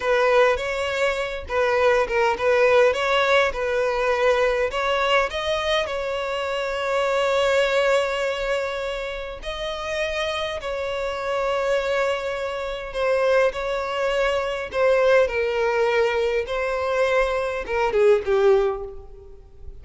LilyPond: \new Staff \with { instrumentName = "violin" } { \time 4/4 \tempo 4 = 102 b'4 cis''4. b'4 ais'8 | b'4 cis''4 b'2 | cis''4 dis''4 cis''2~ | cis''1 |
dis''2 cis''2~ | cis''2 c''4 cis''4~ | cis''4 c''4 ais'2 | c''2 ais'8 gis'8 g'4 | }